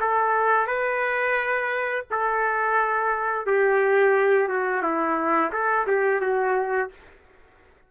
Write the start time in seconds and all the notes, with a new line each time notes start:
0.00 A4
0.67 B4
2.10 A4
3.46 G4
4.48 F#4
4.82 E4
5.52 A4
5.87 G4
6.21 F#4